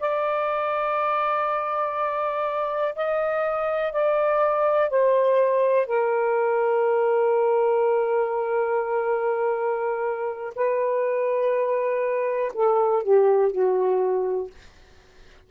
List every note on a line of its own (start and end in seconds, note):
0.00 2.95 D5
2.96 3.93 D#5
3.93 4.90 D5
4.90 5.87 C5
5.87 10.54 A#4
10.56 12.52 B4
12.55 13.03 A4
13.03 13.52 G4
13.52 14.50 F#4